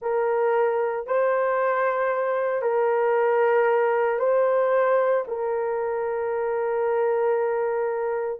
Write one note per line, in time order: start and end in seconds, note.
0.01 1.06 A#4
1.06 2.62 C5
2.62 4.19 A#4
4.19 5.24 C5
5.27 8.40 A#4